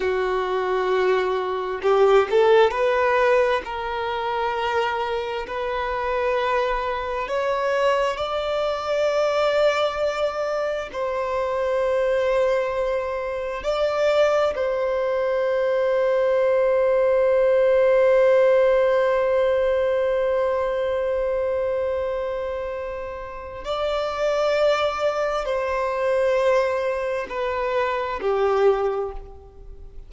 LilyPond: \new Staff \with { instrumentName = "violin" } { \time 4/4 \tempo 4 = 66 fis'2 g'8 a'8 b'4 | ais'2 b'2 | cis''4 d''2. | c''2. d''4 |
c''1~ | c''1~ | c''2 d''2 | c''2 b'4 g'4 | }